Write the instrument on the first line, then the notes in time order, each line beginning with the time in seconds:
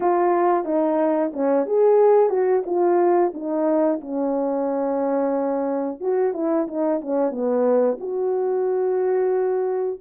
horn
0.00 F4
0.65 D#4
1.33 C#4
1.65 G#4
2.29 F#4
2.66 F4
3.33 D#4
4.00 C#4
6.00 F#4
6.33 E4
6.67 D#4
7.01 C#4
7.31 B3
7.99 F#4